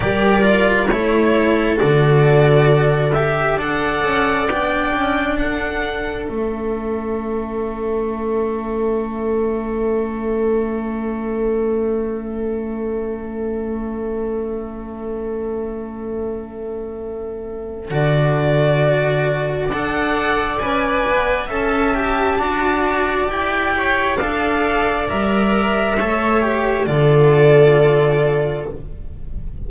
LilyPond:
<<
  \new Staff \with { instrumentName = "violin" } { \time 4/4 \tempo 4 = 67 d''4 cis''4 d''4. e''8 | fis''4 g''4 fis''4 e''4~ | e''1~ | e''1~ |
e''1 | d''2 fis''4 gis''4 | a''2 g''4 f''4 | e''2 d''2 | }
  \new Staff \with { instrumentName = "viola" } { \time 4/4 ais'4 a'2. | d''2 a'2~ | a'1~ | a'1~ |
a'1~ | a'2 d''2 | e''4 d''4. cis''8 d''4~ | d''4 cis''4 a'2 | }
  \new Staff \with { instrumentName = "cello" } { \time 4/4 g'8 f'8 e'4 fis'4. g'8 | a'4 d'2 cis'4~ | cis'1~ | cis'1~ |
cis'1 | fis'2 a'4 b'4 | a'8 g'8 fis'4 g'4 a'4 | ais'4 a'8 g'8 f'2 | }
  \new Staff \with { instrumentName = "double bass" } { \time 4/4 g4 a4 d2 | d'8 cis'8 b8 cis'8 d'4 a4~ | a1~ | a1~ |
a1 | d2 d'4 cis'8 b8 | cis'4 d'4 e'4 d'4 | g4 a4 d2 | }
>>